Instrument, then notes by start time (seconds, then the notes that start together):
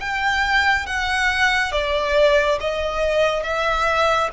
violin
0.00 G5
0.87 F#5
1.72 D5
2.60 D#5
3.43 E5